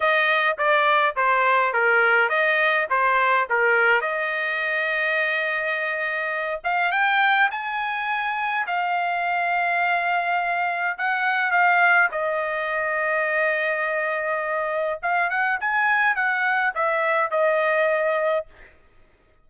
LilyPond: \new Staff \with { instrumentName = "trumpet" } { \time 4/4 \tempo 4 = 104 dis''4 d''4 c''4 ais'4 | dis''4 c''4 ais'4 dis''4~ | dis''2.~ dis''8 f''8 | g''4 gis''2 f''4~ |
f''2. fis''4 | f''4 dis''2.~ | dis''2 f''8 fis''8 gis''4 | fis''4 e''4 dis''2 | }